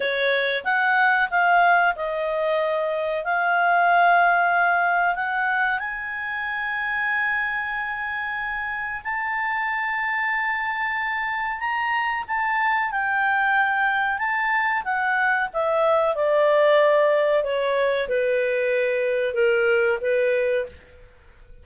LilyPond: \new Staff \with { instrumentName = "clarinet" } { \time 4/4 \tempo 4 = 93 cis''4 fis''4 f''4 dis''4~ | dis''4 f''2. | fis''4 gis''2.~ | gis''2 a''2~ |
a''2 ais''4 a''4 | g''2 a''4 fis''4 | e''4 d''2 cis''4 | b'2 ais'4 b'4 | }